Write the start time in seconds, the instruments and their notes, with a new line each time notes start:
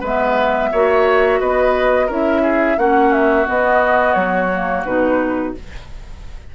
0.00 bassoon G#3, clarinet B3, oboe B4, flute E5
0.72 bassoon A#3, clarinet F#4, oboe C#5
1.40 bassoon B3, oboe B4, flute D#5
2.06 bassoon C#4, clarinet E4, oboe A#4, flute E5
2.42 oboe G#4
2.77 bassoon A#3, clarinet C#4, oboe F#4, flute F#5
3.12 flute E5
3.45 clarinet B3, bassoon B3, flute D#5
4.13 bassoon F#3, flute C#5
4.53 clarinet A#3
4.85 bassoon B2, clarinet D#4, flute B4